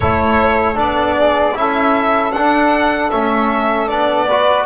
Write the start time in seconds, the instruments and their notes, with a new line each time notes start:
0.00 double bass A3, trombone E4, saxophone A4, violin C#5
0.74 double bass B3, trombone D4, violin D5
1.15 saxophone G#4
1.54 double bass C#4, trombone E4, saxophone A4, violin E5
2.32 double bass D4, trombone D4, violin F#5
3.10 double bass A3, trombone C#4, violin E5
3.87 double bass B3, trombone D4, violin D5
4.25 trombone F#4, saxophone B4